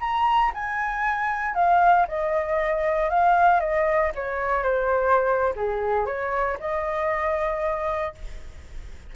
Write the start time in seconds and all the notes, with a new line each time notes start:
0.00 A#5
0.54 G#5
1.55 F5
2.08 D#5
3.09 F5
3.60 D#5
4.15 C#5
4.63 C5
5.56 G#4
6.05 C#5
6.59 D#5